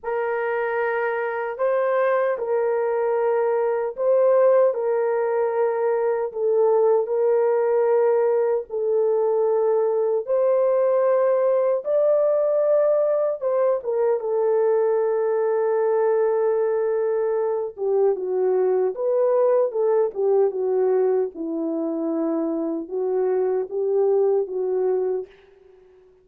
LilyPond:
\new Staff \with { instrumentName = "horn" } { \time 4/4 \tempo 4 = 76 ais'2 c''4 ais'4~ | ais'4 c''4 ais'2 | a'4 ais'2 a'4~ | a'4 c''2 d''4~ |
d''4 c''8 ais'8 a'2~ | a'2~ a'8 g'8 fis'4 | b'4 a'8 g'8 fis'4 e'4~ | e'4 fis'4 g'4 fis'4 | }